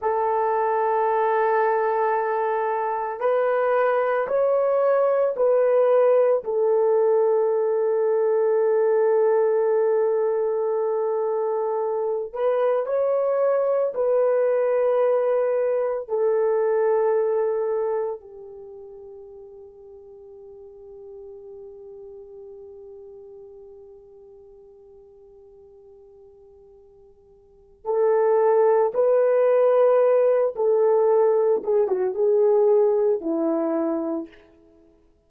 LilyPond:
\new Staff \with { instrumentName = "horn" } { \time 4/4 \tempo 4 = 56 a'2. b'4 | cis''4 b'4 a'2~ | a'2.~ a'8 b'8 | cis''4 b'2 a'4~ |
a'4 g'2.~ | g'1~ | g'2 a'4 b'4~ | b'8 a'4 gis'16 fis'16 gis'4 e'4 | }